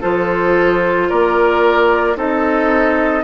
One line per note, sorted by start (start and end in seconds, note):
0.00 1.10 F3
0.00 2.15 F4
0.00 1.07 A4
0.00 1.09 C5
1.09 2.16 A#3
1.09 2.16 A#4
1.09 2.17 D5
2.15 3.23 C4
2.15 3.23 D#4
2.15 3.23 A4
2.15 3.23 D#5